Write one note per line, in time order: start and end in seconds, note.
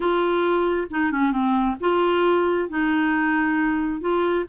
0.00 0.87 F4
0.90 1.11 D#4
1.11 1.31 C#4
1.31 1.76 C4
1.80 2.69 F4
2.69 4.00 D#4
4.00 4.45 F4